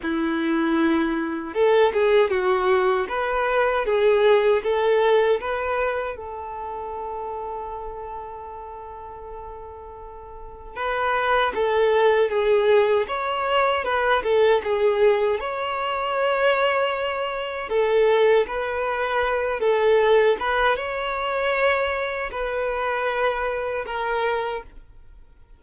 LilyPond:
\new Staff \with { instrumentName = "violin" } { \time 4/4 \tempo 4 = 78 e'2 a'8 gis'8 fis'4 | b'4 gis'4 a'4 b'4 | a'1~ | a'2 b'4 a'4 |
gis'4 cis''4 b'8 a'8 gis'4 | cis''2. a'4 | b'4. a'4 b'8 cis''4~ | cis''4 b'2 ais'4 | }